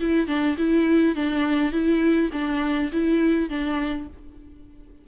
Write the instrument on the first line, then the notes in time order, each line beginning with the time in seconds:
viola
0.00 E4
0.27 D4
0.58 E4
1.15 D4
1.72 E4
2.33 D4
2.92 E4
3.49 D4